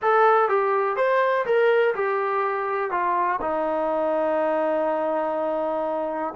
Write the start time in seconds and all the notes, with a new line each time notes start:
0.02 A4
0.48 G4
0.96 C5
1.45 A#4
1.94 G4
2.90 F4
3.41 D#4